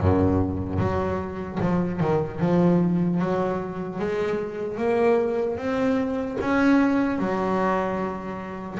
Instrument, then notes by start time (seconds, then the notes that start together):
double bass
0.00 F#2
0.79 F#3
1.60 F3
2.00 D#3
2.40 F3
3.19 F#3
3.99 G#3
4.77 A#3
5.57 C4
6.40 C#4
7.19 F#3